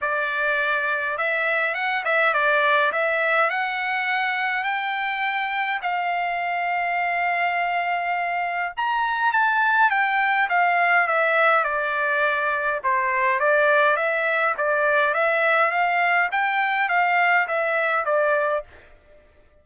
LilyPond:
\new Staff \with { instrumentName = "trumpet" } { \time 4/4 \tempo 4 = 103 d''2 e''4 fis''8 e''8 | d''4 e''4 fis''2 | g''2 f''2~ | f''2. ais''4 |
a''4 g''4 f''4 e''4 | d''2 c''4 d''4 | e''4 d''4 e''4 f''4 | g''4 f''4 e''4 d''4 | }